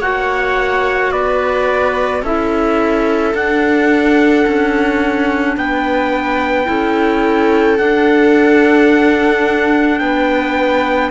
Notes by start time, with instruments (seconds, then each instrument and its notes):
0.00 cello A#3, clarinet F#4, viola C#5, trumpet F#5
1.11 cello B3, viola B4, trumpet D5
2.22 cello C#4, clarinet E4, viola A4, trumpet E5
3.34 cello D4, clarinet D4, trumpet F#5
4.47 cello C#4
5.56 cello B3, viola B4, trumpet G5
6.65 cello C#4, clarinet E4, viola A4
7.78 clarinet D4, cello D4, trumpet F#5
9.98 cello B3, viola B4, trumpet G5